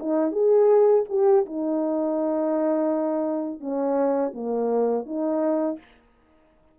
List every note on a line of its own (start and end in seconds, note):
0.00 0.32 D#4
0.32 1.04 G#4
1.09 1.46 G4
1.46 3.60 D#4
3.60 4.33 C#4
4.34 5.06 A#3
5.06 5.79 D#4